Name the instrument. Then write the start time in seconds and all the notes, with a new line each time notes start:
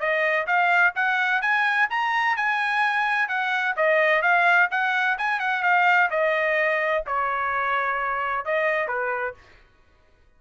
trumpet
0.00 D#5
0.47 F5
0.96 F#5
1.42 G#5
1.90 A#5
2.37 G#5
3.29 F#5
3.77 D#5
4.22 F5
4.71 F#5
5.18 G#5
5.40 F#5
5.63 F5
6.11 D#5
7.07 C#5
8.45 D#5
8.88 B4